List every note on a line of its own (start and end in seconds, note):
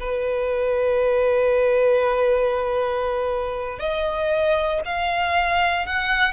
0.00 3.79 B4
3.79 4.81 D#5
4.84 5.86 F5
5.86 6.33 F#5